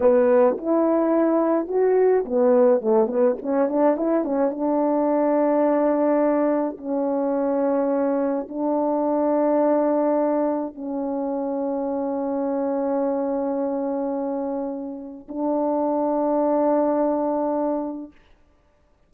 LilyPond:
\new Staff \with { instrumentName = "horn" } { \time 4/4 \tempo 4 = 106 b4 e'2 fis'4 | b4 a8 b8 cis'8 d'8 e'8 cis'8 | d'1 | cis'2. d'4~ |
d'2. cis'4~ | cis'1~ | cis'2. d'4~ | d'1 | }